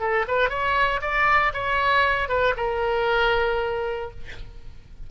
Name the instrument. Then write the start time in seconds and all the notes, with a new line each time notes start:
oboe
0.00 A4
0.28 B4
0.49 C#5
1.01 D5
1.53 C#5
2.28 B4
2.57 A#4